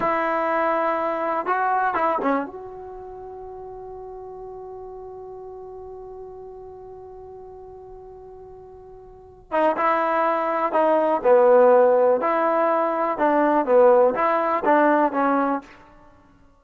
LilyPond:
\new Staff \with { instrumentName = "trombone" } { \time 4/4 \tempo 4 = 123 e'2. fis'4 | e'8 cis'8 fis'2.~ | fis'1~ | fis'1~ |
fis'2.~ fis'8 dis'8 | e'2 dis'4 b4~ | b4 e'2 d'4 | b4 e'4 d'4 cis'4 | }